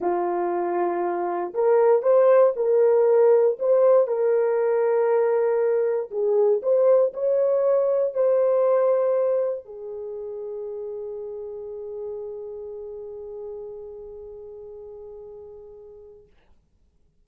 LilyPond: \new Staff \with { instrumentName = "horn" } { \time 4/4 \tempo 4 = 118 f'2. ais'4 | c''4 ais'2 c''4 | ais'1 | gis'4 c''4 cis''2 |
c''2. gis'4~ | gis'1~ | gis'1~ | gis'1 | }